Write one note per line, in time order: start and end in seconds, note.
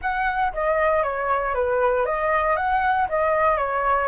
0.01 0.52 F#5
0.53 1.03 D#5
1.03 1.54 C#5
1.54 2.05 B4
2.05 2.56 D#5
2.56 3.07 F#5
3.08 3.57 D#5
3.57 4.08 C#5